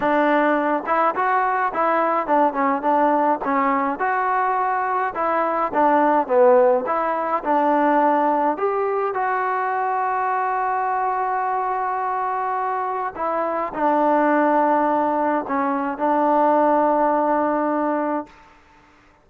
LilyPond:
\new Staff \with { instrumentName = "trombone" } { \time 4/4 \tempo 4 = 105 d'4. e'8 fis'4 e'4 | d'8 cis'8 d'4 cis'4 fis'4~ | fis'4 e'4 d'4 b4 | e'4 d'2 g'4 |
fis'1~ | fis'2. e'4 | d'2. cis'4 | d'1 | }